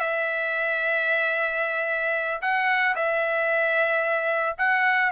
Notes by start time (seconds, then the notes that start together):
0.00 E5
2.42 F#5
2.96 E5
4.58 F#5